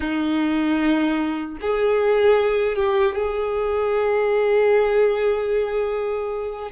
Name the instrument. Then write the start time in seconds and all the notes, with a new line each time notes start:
violin
0.00 D#4
1.61 G#4
2.75 G4
3.15 G#4